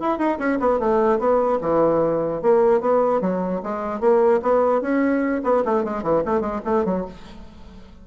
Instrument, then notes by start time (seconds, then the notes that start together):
bassoon
0.00 E4
0.19 D#4
0.39 C#4
0.60 B3
0.80 A3
1.19 B3
1.61 E3
2.42 A#3
2.81 B3
3.21 F#3
3.63 G#3
4.01 A#3
4.43 B3
4.82 C#4
5.44 B3
5.65 A3
5.85 G#3
6.03 E3
6.26 A3
6.41 G#3
6.65 A3
6.85 F#3